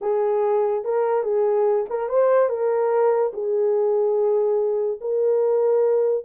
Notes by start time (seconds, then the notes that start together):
0.01 G#4
0.84 A#4
1.23 G#4
1.89 A#4
2.08 C5
2.49 A#4
3.33 G#4
5.01 A#4